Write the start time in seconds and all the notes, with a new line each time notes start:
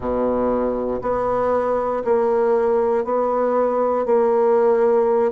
0.00 B2
1.01 B3
2.04 A#3
3.04 B3
4.05 A#3